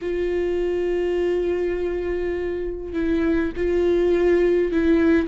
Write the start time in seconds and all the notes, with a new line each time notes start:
0.01 F4
2.93 E4
3.56 F4
4.71 E4